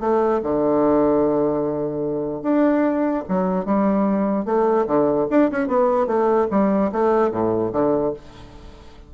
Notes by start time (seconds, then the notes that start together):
0.00 A3
0.43 D3
2.42 D4
3.28 F#3
3.65 G3
4.45 A3
4.87 D3
5.30 D4
5.51 C#4
5.68 B3
6.07 A3
6.51 G3
6.92 A3
7.31 A2
7.72 D3